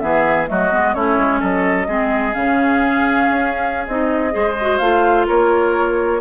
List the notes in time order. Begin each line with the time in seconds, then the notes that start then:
0.00 E3 B3 G#4 E5
0.46 F#3 A3 F#4 D#5
0.72 G#3 B3
0.94 A3 C#4 E4 C#5
1.18 G#3
1.40 F#3 A4 D#5
1.87 G#3 C4 G#4
2.33 C#3 C#4 F5
3.30 C#4
3.87 C4 D#4 D#5
4.31 G#3 G#4 C5
4.61 F#4
4.78 A3 F4 F5
5.27 A#3 A#4 C#5